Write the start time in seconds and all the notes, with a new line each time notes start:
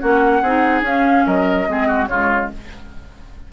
0.00 A#3 C#4 F#4 F#5
0.42 C4 D#4 G#4
0.82 C#4 F5
1.26 F#3 A#4 D#5
1.67 G#3 C4 G#4
1.88 F#4
2.07 C#3 G#3 F4 C#5